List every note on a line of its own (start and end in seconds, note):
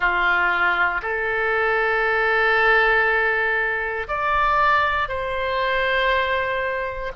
0.00 1.01 F4
1.02 4.07 A4
4.07 5.08 D5
5.08 7.11 C5